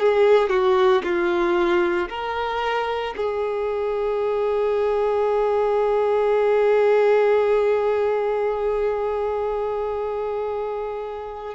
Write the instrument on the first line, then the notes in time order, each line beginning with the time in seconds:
violin
0.00 G#4
0.50 F#4
1.04 F4
2.09 A#4
3.17 G#4